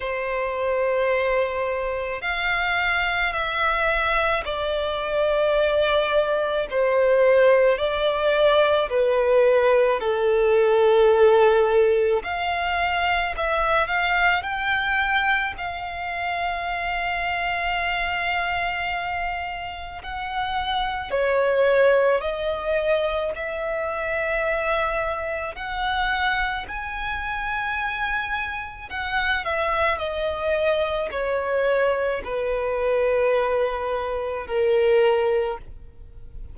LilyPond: \new Staff \with { instrumentName = "violin" } { \time 4/4 \tempo 4 = 54 c''2 f''4 e''4 | d''2 c''4 d''4 | b'4 a'2 f''4 | e''8 f''8 g''4 f''2~ |
f''2 fis''4 cis''4 | dis''4 e''2 fis''4 | gis''2 fis''8 e''8 dis''4 | cis''4 b'2 ais'4 | }